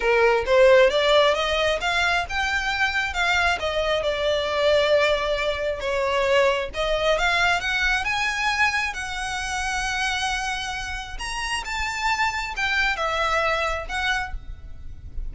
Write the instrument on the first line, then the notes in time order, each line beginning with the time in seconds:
violin
0.00 A#4
0.46 C5
0.90 D5
1.34 D#5
1.80 F5
2.29 G5
3.13 F5
3.59 D#5
4.02 D5
5.80 C#5
6.74 D#5
7.18 F5
7.60 F#5
8.04 G#5
8.93 F#5
11.18 A#5
11.64 A5
12.56 G5
12.96 E5
13.88 F#5